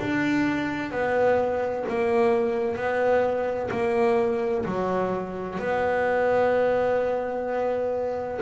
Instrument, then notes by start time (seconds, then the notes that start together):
double bass
0.00 D4
0.91 B3
1.88 A#3
2.76 B3
3.71 A#3
4.65 F#3
5.59 B3